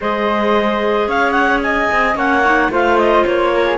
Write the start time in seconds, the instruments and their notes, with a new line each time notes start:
0.00 cello G#3, clarinet G#4 D#5, flute C5
1.07 cello C#4, flute C#5, clarinet F5
1.31 clarinet F#5
1.62 flute D#5, clarinet G#5
1.92 cello C4
2.14 cello A#3, clarinet C#4 F#5, flute C#5
2.44 clarinet D#4
2.69 cello A3, clarinet F4 F5, flute C5
2.97 clarinet D#5
3.25 cello A#3, clarinet C#5
3.53 flute A#4
3.65 flute G#4